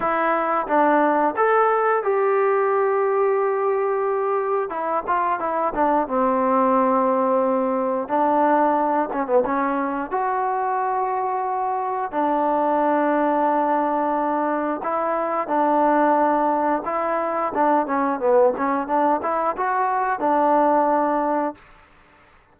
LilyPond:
\new Staff \with { instrumentName = "trombone" } { \time 4/4 \tempo 4 = 89 e'4 d'4 a'4 g'4~ | g'2. e'8 f'8 | e'8 d'8 c'2. | d'4. cis'16 b16 cis'4 fis'4~ |
fis'2 d'2~ | d'2 e'4 d'4~ | d'4 e'4 d'8 cis'8 b8 cis'8 | d'8 e'8 fis'4 d'2 | }